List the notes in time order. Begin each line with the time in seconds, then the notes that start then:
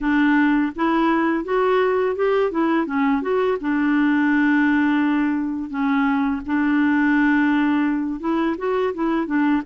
0.01 D4
0.75 E4
1.44 F#4
2.15 G4
2.51 E4
2.86 C#4
3.21 F#4
3.60 D4
5.69 C#4
6.45 D4
8.20 E4
8.57 F#4
8.94 E4
9.26 D4